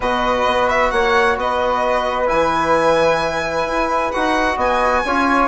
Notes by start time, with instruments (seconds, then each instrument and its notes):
0.00 bassoon B2, trombone F#4, flute B4, violin D#5
0.46 bassoon B3
0.69 violin E5
0.90 bassoon A#3, flute C#5, violin F#5
1.36 bassoon B3, flute B4, violin D#5
2.26 bassoon E3, trombone E4, violin G#5
3.66 bassoon E4
4.11 bassoon D#4, trombone F#4, violin F#5
4.55 bassoon B3, flute D#5, violin G#5
5.05 bassoon C#4, trombone F4, flute C#5